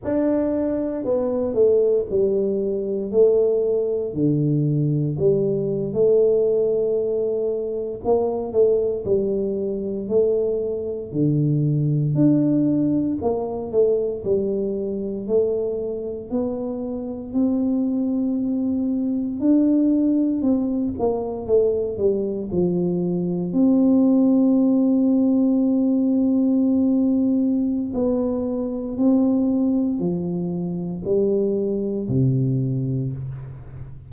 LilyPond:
\new Staff \with { instrumentName = "tuba" } { \time 4/4 \tempo 4 = 58 d'4 b8 a8 g4 a4 | d4 g8. a2 ais16~ | ais16 a8 g4 a4 d4 d'16~ | d'8. ais8 a8 g4 a4 b16~ |
b8. c'2 d'4 c'16~ | c'16 ais8 a8 g8 f4 c'4~ c'16~ | c'2. b4 | c'4 f4 g4 c4 | }